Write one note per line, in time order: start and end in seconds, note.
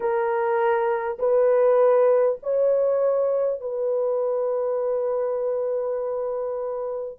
0.00 1.17 A#4
1.18 2.38 B4
2.43 3.60 C#5
3.60 7.18 B4